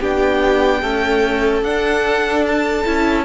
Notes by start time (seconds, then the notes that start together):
0.00 B3 D4 G4 G5
0.81 A3 C#4 A4
1.62 D4 F#5
2.46 A5
2.85 C#4 E4